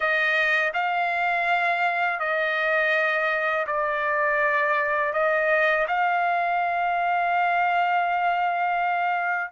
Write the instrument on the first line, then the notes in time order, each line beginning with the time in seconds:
trumpet
0.00 D#5
0.73 F5
2.19 D#5
3.67 D5
5.13 D#5
5.87 F5